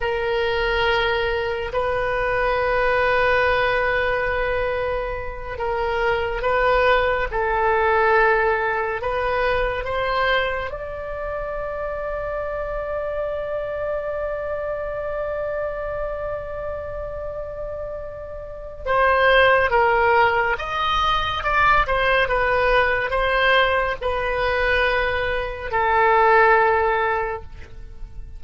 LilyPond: \new Staff \with { instrumentName = "oboe" } { \time 4/4 \tempo 4 = 70 ais'2 b'2~ | b'2~ b'8 ais'4 b'8~ | b'8 a'2 b'4 c''8~ | c''8 d''2.~ d''8~ |
d''1~ | d''2 c''4 ais'4 | dis''4 d''8 c''8 b'4 c''4 | b'2 a'2 | }